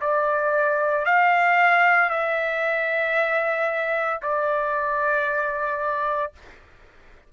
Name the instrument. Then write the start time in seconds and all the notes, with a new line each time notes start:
trumpet
0.00 D5
1.05 F5
2.10 E5
4.22 D5